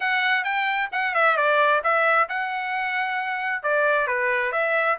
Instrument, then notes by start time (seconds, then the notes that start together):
trumpet
0.00 F#5
0.44 G5
0.91 F#5
1.14 E5
1.37 D5
1.83 E5
2.28 F#5
3.63 D5
4.07 B4
4.52 E5